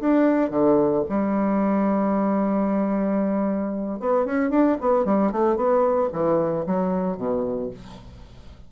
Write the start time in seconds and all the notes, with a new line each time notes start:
0.00 D4
0.50 D3
1.09 G3
4.00 B3
4.25 C#4
4.50 D4
4.81 B3
5.05 G3
5.31 A3
5.56 B3
6.12 E3
6.66 F#3
7.17 B2